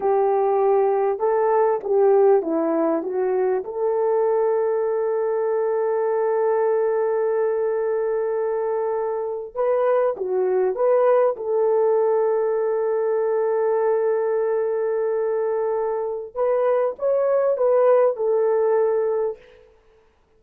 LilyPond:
\new Staff \with { instrumentName = "horn" } { \time 4/4 \tempo 4 = 99 g'2 a'4 g'4 | e'4 fis'4 a'2~ | a'1~ | a'2.~ a'8. b'16~ |
b'8. fis'4 b'4 a'4~ a'16~ | a'1~ | a'2. b'4 | cis''4 b'4 a'2 | }